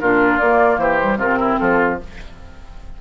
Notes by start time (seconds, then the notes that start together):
0.00 A#2 D4 F4 A#4
0.38 A#3 D5
0.78 E3 G4 C5
1.01 G3
1.16 C3 C4 F4 A#4
1.40 E4
1.58 F3 F4 A4